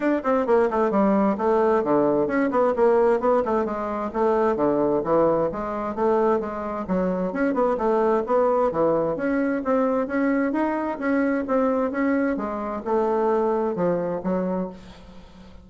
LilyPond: \new Staff \with { instrumentName = "bassoon" } { \time 4/4 \tempo 4 = 131 d'8 c'8 ais8 a8 g4 a4 | d4 cis'8 b8 ais4 b8 a8 | gis4 a4 d4 e4 | gis4 a4 gis4 fis4 |
cis'8 b8 a4 b4 e4 | cis'4 c'4 cis'4 dis'4 | cis'4 c'4 cis'4 gis4 | a2 f4 fis4 | }